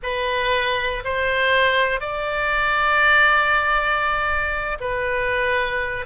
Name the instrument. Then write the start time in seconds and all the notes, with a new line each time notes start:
oboe
0.03 B4
1.04 C5
2.00 D5
4.80 B4